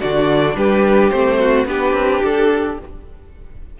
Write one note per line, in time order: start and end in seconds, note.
0.00 0.56 D3
0.00 1.12 D4
0.00 0.56 F#4
0.00 0.56 D5
0.56 1.11 G3
0.56 1.39 G4
0.56 1.10 B4
1.10 1.65 A3
1.10 1.66 C4
1.10 1.65 C5
1.39 1.67 F#4
1.65 1.93 B3
1.65 2.77 D4
1.65 2.80 G4
1.65 2.23 B4
1.93 2.20 C4
2.23 2.79 D4
2.23 2.79 A4